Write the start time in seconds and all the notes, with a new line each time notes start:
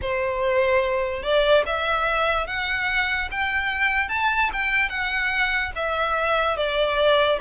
0.01 C5
1.23 D5
1.66 E5
2.47 F#5
3.31 G5
4.08 A5
4.52 G5
4.89 F#5
5.75 E5
6.56 D5